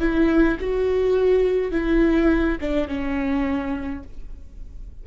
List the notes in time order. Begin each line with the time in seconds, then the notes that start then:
0.00 E4
0.60 F#4
1.72 E4
2.61 D4
2.88 C#4